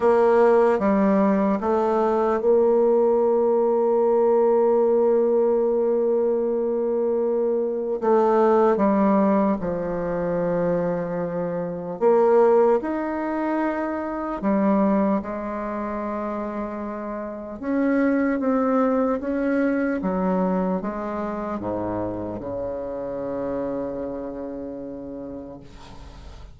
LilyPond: \new Staff \with { instrumentName = "bassoon" } { \time 4/4 \tempo 4 = 75 ais4 g4 a4 ais4~ | ais1~ | ais2 a4 g4 | f2. ais4 |
dis'2 g4 gis4~ | gis2 cis'4 c'4 | cis'4 fis4 gis4 gis,4 | cis1 | }